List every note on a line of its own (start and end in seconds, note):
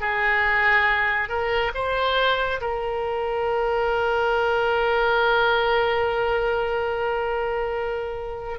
0.00 1.29 G#4
1.29 1.71 A#4
1.74 2.60 C5
2.61 8.59 A#4